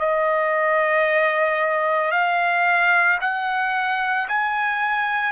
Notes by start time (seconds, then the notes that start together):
0.00 D#5
2.11 F5
3.21 F#5
4.29 G#5